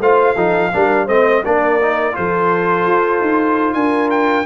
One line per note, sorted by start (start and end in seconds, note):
0.00 0.36 A3
0.00 0.37 F4
0.00 0.36 C5
0.00 1.08 F5
0.36 0.72 F3
0.36 0.73 D#4
0.36 0.71 A4
0.73 1.08 G3
0.73 1.08 D4
0.73 1.06 A#4
1.06 1.44 A3
1.06 1.44 C4
1.06 1.41 C5
1.06 1.44 D#5
1.45 2.17 A#3
1.45 1.81 D4
1.45 2.17 A#4
1.45 2.16 D5
1.82 2.13 D#4
2.13 2.87 F3
2.13 4.46 F4
2.13 3.76 A4
2.13 3.74 C5
2.87 3.21 F4
3.21 3.75 D#4
3.74 4.46 D4
3.74 4.47 A#4
3.74 4.10 G#5
4.11 4.47 G5